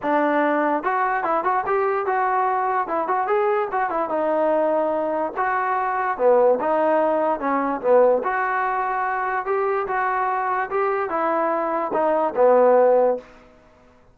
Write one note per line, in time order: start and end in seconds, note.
0.02 0.83 D4
0.83 1.23 F#4
1.23 1.43 E4
1.43 1.64 F#4
1.66 2.05 G4
2.05 2.87 F#4
2.87 3.07 E4
3.07 3.27 F#4
3.27 3.68 G#4
3.71 3.89 F#4
3.89 4.09 E4
4.09 5.32 D#4
5.36 6.17 F#4
6.17 6.58 B3
6.60 7.39 D#4
7.39 7.80 C#4
7.81 8.22 B3
8.23 9.45 F#4
9.45 9.86 G4
9.87 10.69 F#4
10.70 11.09 G4
11.09 11.91 E4
11.93 12.34 D#4
12.35 13.17 B3